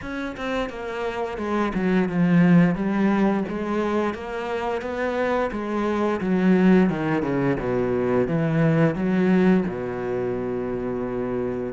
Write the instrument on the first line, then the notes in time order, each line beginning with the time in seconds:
cello
0.01 C#4
0.36 C4
0.69 A#3
1.37 G#3
1.74 F#3
2.08 F3
2.75 G3
3.48 G#3
4.14 A#3
4.81 B3
5.51 G#3
6.20 F#3
6.89 D#3
7.22 C#3
7.59 B2
8.27 E3
8.95 F#3
9.66 B2